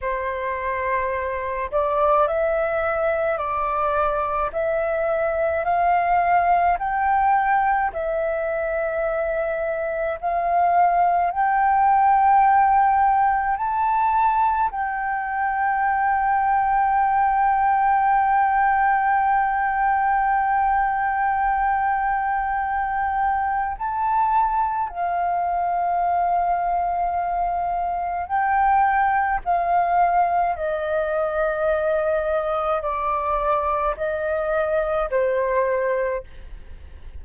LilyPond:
\new Staff \with { instrumentName = "flute" } { \time 4/4 \tempo 4 = 53 c''4. d''8 e''4 d''4 | e''4 f''4 g''4 e''4~ | e''4 f''4 g''2 | a''4 g''2.~ |
g''1~ | g''4 a''4 f''2~ | f''4 g''4 f''4 dis''4~ | dis''4 d''4 dis''4 c''4 | }